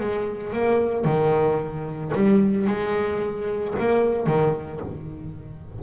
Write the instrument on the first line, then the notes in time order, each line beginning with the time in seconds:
double bass
0.00 G#3
0.53 A#3
1.05 D#3
2.15 G3
2.67 G#3
3.79 A#3
4.26 D#3